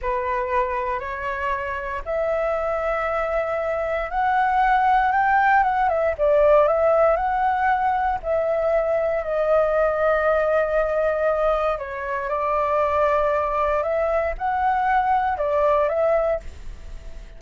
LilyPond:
\new Staff \with { instrumentName = "flute" } { \time 4/4 \tempo 4 = 117 b'2 cis''2 | e''1 | fis''2 g''4 fis''8 e''8 | d''4 e''4 fis''2 |
e''2 dis''2~ | dis''2. cis''4 | d''2. e''4 | fis''2 d''4 e''4 | }